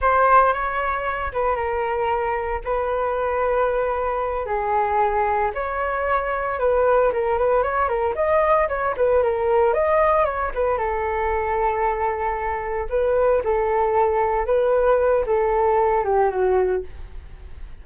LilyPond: \new Staff \with { instrumentName = "flute" } { \time 4/4 \tempo 4 = 114 c''4 cis''4. b'8 ais'4~ | ais'4 b'2.~ | b'8 gis'2 cis''4.~ | cis''8 b'4 ais'8 b'8 cis''8 ais'8 dis''8~ |
dis''8 cis''8 b'8 ais'4 dis''4 cis''8 | b'8 a'2.~ a'8~ | a'8 b'4 a'2 b'8~ | b'4 a'4. g'8 fis'4 | }